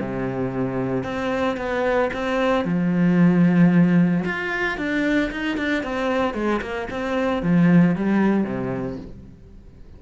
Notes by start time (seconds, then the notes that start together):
0.00 C3
1.04 C4
1.57 B3
2.13 C4
2.65 F3
4.25 F4
4.77 D4
5.31 D#4
5.57 D4
5.83 C4
6.34 G#3
6.61 A#3
6.91 C4
7.42 F3
7.95 G3
8.44 C3